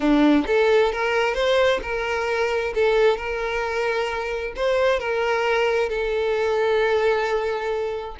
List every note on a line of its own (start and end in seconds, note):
0.00 0.45 D4
0.46 0.92 A4
0.92 1.34 A#4
1.34 1.80 C5
1.82 2.73 A#4
2.74 3.17 A4
3.17 4.53 A#4
4.56 4.99 C5
4.99 5.89 A#4
5.89 8.16 A4